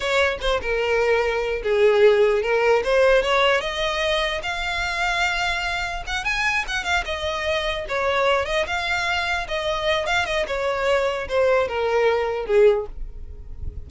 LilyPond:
\new Staff \with { instrumentName = "violin" } { \time 4/4 \tempo 4 = 149 cis''4 c''8 ais'2~ ais'8 | gis'2 ais'4 c''4 | cis''4 dis''2 f''4~ | f''2. fis''8 gis''8~ |
gis''8 fis''8 f''8 dis''2 cis''8~ | cis''4 dis''8 f''2 dis''8~ | dis''4 f''8 dis''8 cis''2 | c''4 ais'2 gis'4 | }